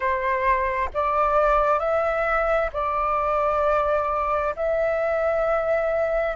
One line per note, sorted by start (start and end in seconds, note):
0.00 0.89 C5
0.93 1.79 D5
1.79 2.70 E5
2.73 4.55 D5
4.55 6.35 E5